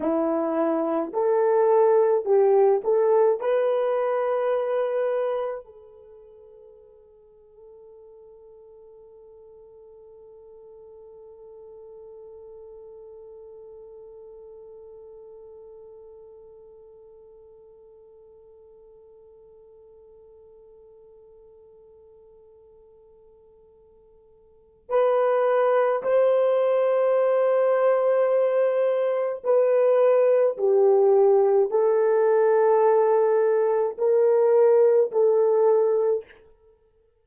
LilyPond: \new Staff \with { instrumentName = "horn" } { \time 4/4 \tempo 4 = 53 e'4 a'4 g'8 a'8 b'4~ | b'4 a'2.~ | a'1~ | a'1~ |
a'1~ | a'2 b'4 c''4~ | c''2 b'4 g'4 | a'2 ais'4 a'4 | }